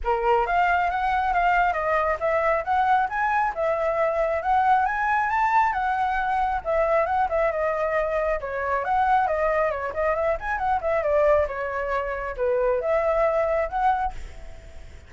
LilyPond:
\new Staff \with { instrumentName = "flute" } { \time 4/4 \tempo 4 = 136 ais'4 f''4 fis''4 f''4 | dis''4 e''4 fis''4 gis''4 | e''2 fis''4 gis''4 | a''4 fis''2 e''4 |
fis''8 e''8 dis''2 cis''4 | fis''4 dis''4 cis''8 dis''8 e''8 gis''8 | fis''8 e''8 d''4 cis''2 | b'4 e''2 fis''4 | }